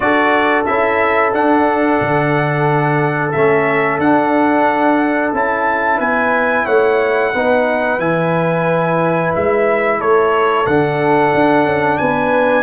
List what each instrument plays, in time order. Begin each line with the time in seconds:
0.00 tuba D4, trombone F#4, horn A4, trumpet D5
0.65 tuba C#4, trombone E4, trumpet E5
1.32 trombone D4, tuba D4, trumpet F#5
2.01 tuba D3
3.31 tuba A3, trombone C#4, trumpet E5
3.98 tuba D4, trombone D4, trumpet F#5
5.33 tuba C#4, trombone E4, trumpet A5
5.97 tuba B3, horn B4, trumpet G#5
6.65 tuba A3, horn C#5, trumpet F#5
7.34 tuba B3, trombone D#4, horn B4
7.98 tuba E3, trombone E4, trumpet G#5
9.35 tuba G#3, trumpet E5
9.99 tuba A3, horn A4, trumpet C#5
10.66 tuba D3, trombone D4, trumpet F#5
11.34 tuba D4
11.64 tuba C#4
11.97 tuba B3, horn B4, trumpet G#5